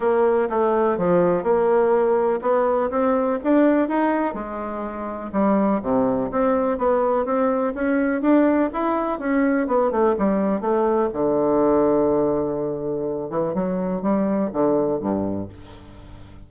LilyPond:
\new Staff \with { instrumentName = "bassoon" } { \time 4/4 \tempo 4 = 124 ais4 a4 f4 ais4~ | ais4 b4 c'4 d'4 | dis'4 gis2 g4 | c4 c'4 b4 c'4 |
cis'4 d'4 e'4 cis'4 | b8 a8 g4 a4 d4~ | d2.~ d8 e8 | fis4 g4 d4 g,4 | }